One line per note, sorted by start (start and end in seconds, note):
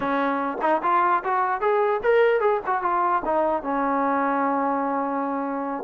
0.00 0.57 C#4
0.61 0.81 D#4
0.83 1.23 F4
1.24 1.60 F#4
1.60 2.01 G#4
2.03 2.40 A#4
2.40 2.60 G#4
2.66 2.82 F#4
2.82 3.22 F4
3.25 3.62 D#4
3.62 5.84 C#4